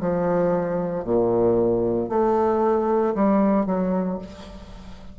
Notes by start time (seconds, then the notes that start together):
0.00 F3
1.04 A#2
2.09 A3
3.14 G3
3.66 F#3